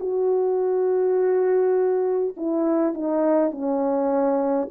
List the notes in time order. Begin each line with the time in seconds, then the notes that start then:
0.00 F#4
2.37 E4
2.94 D#4
3.51 C#4